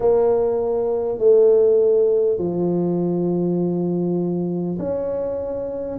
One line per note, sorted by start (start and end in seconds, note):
0.00 1.18 A#3
1.18 2.38 A3
2.38 4.78 F3
4.78 5.98 C#4